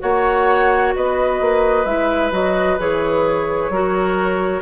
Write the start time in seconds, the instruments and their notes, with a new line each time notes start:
0.00 bassoon A#3, clarinet F#4, oboe C#5, flute F#5
0.96 bassoon B3, oboe B4, flute D#5
1.41 bassoon A#3
1.85 bassoon G#3, clarinet E4, flute E5
2.32 bassoon F#3, clarinet F#4, flute D#5
2.79 bassoon E3, clarinet G#4, flute C#5
3.70 bassoon F#3, clarinet F#4, oboe A#4